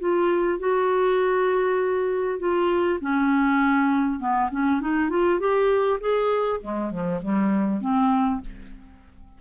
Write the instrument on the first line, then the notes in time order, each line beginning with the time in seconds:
clarinet
0.00 F4
0.59 F#4
2.39 F4
3.01 C#4
4.20 B3
4.51 C#4
4.81 D#4
5.10 F4
5.40 G4
6.01 G#4
6.61 G#3
6.91 F3
7.22 G3
7.81 C4